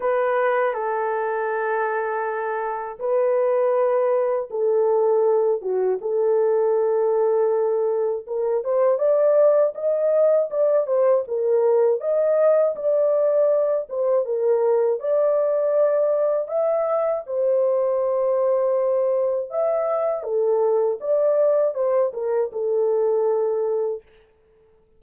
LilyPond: \new Staff \with { instrumentName = "horn" } { \time 4/4 \tempo 4 = 80 b'4 a'2. | b'2 a'4. fis'8 | a'2. ais'8 c''8 | d''4 dis''4 d''8 c''8 ais'4 |
dis''4 d''4. c''8 ais'4 | d''2 e''4 c''4~ | c''2 e''4 a'4 | d''4 c''8 ais'8 a'2 | }